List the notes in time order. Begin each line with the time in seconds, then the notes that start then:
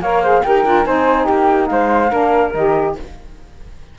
0.00 A#3 A#4 C#5 F5
0.22 G#4 C5
0.43 D#4 G4 A#4 G5
0.64 D4 F4
0.84 C4 D#4 C5 G#5
1.25 A#3 G4 G5
1.67 G#3 C5 F5
2.10 A#3 D4 A#4
2.53 D#3 G4 D#5